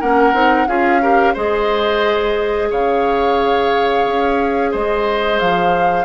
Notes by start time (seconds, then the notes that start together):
0.00 A#3 C#4 A#4 F#5
0.33 C4 D#4
0.67 C#4 F4 G#4 F5
1.01 G4 A#4
1.33 G#3 G#4 C5 D#5
2.70 C#3 C#5 F5
4.07 C#4
4.71 G#3 C5 D#5
5.39 F3 F5